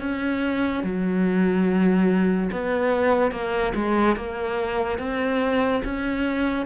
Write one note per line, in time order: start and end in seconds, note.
0.00 0.83 C#4
0.84 2.50 F#3
2.52 3.31 B3
3.31 3.73 A#3
3.75 4.16 G#3
4.16 4.99 A#3
4.99 5.82 C4
5.84 6.66 C#4